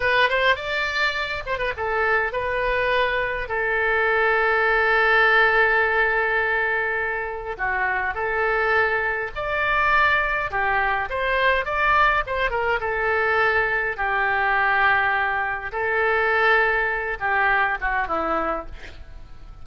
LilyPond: \new Staff \with { instrumentName = "oboe" } { \time 4/4 \tempo 4 = 103 b'8 c''8 d''4. c''16 b'16 a'4 | b'2 a'2~ | a'1~ | a'4 fis'4 a'2 |
d''2 g'4 c''4 | d''4 c''8 ais'8 a'2 | g'2. a'4~ | a'4. g'4 fis'8 e'4 | }